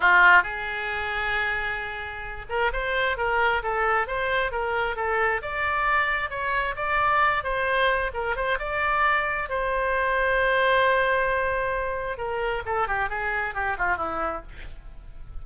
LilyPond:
\new Staff \with { instrumentName = "oboe" } { \time 4/4 \tempo 4 = 133 f'4 gis'2.~ | gis'4. ais'8 c''4 ais'4 | a'4 c''4 ais'4 a'4 | d''2 cis''4 d''4~ |
d''8 c''4. ais'8 c''8 d''4~ | d''4 c''2.~ | c''2. ais'4 | a'8 g'8 gis'4 g'8 f'8 e'4 | }